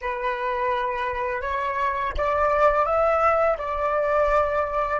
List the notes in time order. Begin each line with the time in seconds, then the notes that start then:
0.01 B4
1.41 C#5
2.17 D5
2.85 E5
3.57 D5